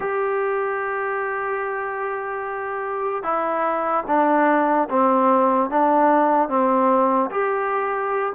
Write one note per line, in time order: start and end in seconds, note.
0.00 3.22 G4
3.22 4.04 E4
4.07 4.88 D4
4.89 5.70 C4
5.70 6.49 D4
6.49 7.30 C4
7.30 8.32 G4